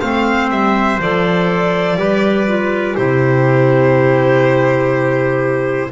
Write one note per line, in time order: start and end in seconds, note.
0.00 0.50 A3
0.00 1.00 C4
0.00 1.97 C5
0.00 0.49 F5
0.50 0.99 G3
0.50 1.00 E5
0.99 1.97 F3
0.99 1.98 A4
0.99 2.96 D5
1.97 2.95 G3
1.97 2.47 G4
1.97 2.95 B4
2.47 2.96 F4
2.95 5.92 C3
2.95 5.91 E4
2.95 5.90 G4
2.95 5.91 C5